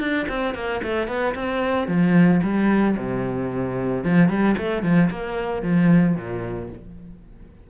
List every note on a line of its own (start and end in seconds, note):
0.00 0.27 D4
0.29 0.55 C4
0.55 0.82 A#3
0.84 1.08 A3
1.08 1.35 B3
1.35 1.88 C4
1.88 2.41 F3
2.43 2.97 G3
2.98 4.04 C3
4.04 4.29 F3
4.29 4.56 G3
4.58 4.83 A3
4.83 5.10 F3
5.11 5.63 A#3
5.63 6.16 F3
6.16 6.70 A#2